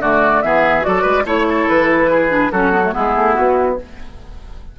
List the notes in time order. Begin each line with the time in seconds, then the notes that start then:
0.00 D3 A3 F#4 D5
0.42 E3 B3 G#4 E5
0.82 F#3 F#4 D5
0.88 A4
1.02 G#3 B4
1.25 A3 E4 C#5
1.49 A4
1.69 E3 B4
2.11 G#4
2.30 D4
2.51 F#3 C#4 F#4 A4
2.72 B3
2.84 A3
2.93 G#3 B3 E4 G#4
3.15 A3
3.34 B3 F#4